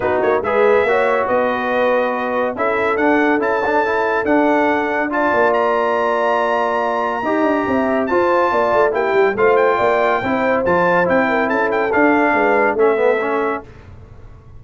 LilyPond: <<
  \new Staff \with { instrumentName = "trumpet" } { \time 4/4 \tempo 4 = 141 b'8 cis''8 e''2 dis''4~ | dis''2 e''4 fis''4 | a''2 fis''2 | a''4 ais''2.~ |
ais''2. a''4~ | a''4 g''4 f''8 g''4.~ | g''4 a''4 g''4 a''8 g''8 | f''2 e''2 | }
  \new Staff \with { instrumentName = "horn" } { \time 4/4 fis'4 b'4 cis''4 b'4~ | b'2 a'2~ | a'1 | d''1~ |
d''4 dis''4 e''4 c''4 | d''4 g'4 c''4 d''4 | c''2~ c''8 ais'8 a'4~ | a'4 b'4 a'2 | }
  \new Staff \with { instrumentName = "trombone" } { \time 4/4 dis'4 gis'4 fis'2~ | fis'2 e'4 d'4 | e'8 d'8 e'4 d'2 | f'1~ |
f'4 g'2 f'4~ | f'4 e'4 f'2 | e'4 f'4 e'2 | d'2 cis'8 b8 cis'4 | }
  \new Staff \with { instrumentName = "tuba" } { \time 4/4 b8 ais8 gis4 ais4 b4~ | b2 cis'4 d'4 | cis'2 d'2~ | d'8 ais2.~ ais8~ |
ais4 dis'8 d'8 c'4 f'4 | ais8 a8 ais8 g8 a4 ais4 | c'4 f4 c'4 cis'4 | d'4 gis4 a2 | }
>>